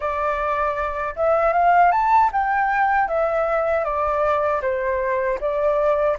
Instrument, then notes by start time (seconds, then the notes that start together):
flute
0.00 D5
1.16 E5
1.52 F5
1.91 A5
2.32 G5
3.08 E5
3.84 D5
4.62 C5
5.40 D5